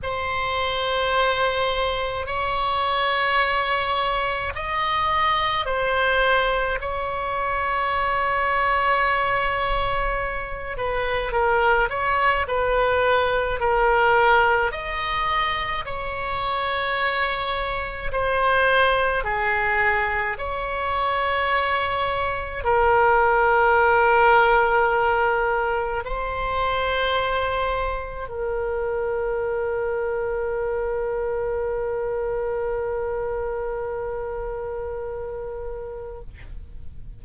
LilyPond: \new Staff \with { instrumentName = "oboe" } { \time 4/4 \tempo 4 = 53 c''2 cis''2 | dis''4 c''4 cis''2~ | cis''4. b'8 ais'8 cis''8 b'4 | ais'4 dis''4 cis''2 |
c''4 gis'4 cis''2 | ais'2. c''4~ | c''4 ais'2.~ | ais'1 | }